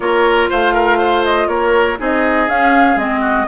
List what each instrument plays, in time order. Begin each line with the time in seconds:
0.00 bassoon A#3, clarinet F4, oboe A#4, flute C#5
0.49 bassoon A3, oboe C5, flute F5
0.73 oboe A#4
0.97 oboe C5
1.24 flute D#5
1.47 bassoon A#3, oboe A#4, flute C#5
1.98 bassoon C4, clarinet D#4, oboe G#4, flute D#5
2.48 bassoon C#4, clarinet C#4, flute F5
2.96 bassoon G#3, clarinet C4, flute D#5
3.20 oboe F#4